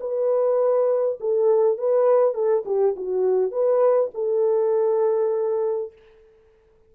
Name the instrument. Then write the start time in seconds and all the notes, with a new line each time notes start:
horn
0.00 B4
1.20 A4
1.78 B4
2.34 A4
2.65 G4
2.96 F#4
3.51 B4
4.14 A4